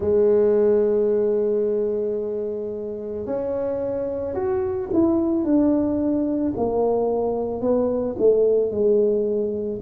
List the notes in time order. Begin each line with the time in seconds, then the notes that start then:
0.00 G#3
3.25 C#4
4.34 F#4
4.93 E4
5.44 D4
6.57 A#3
7.61 B3
8.18 A3
8.71 G#3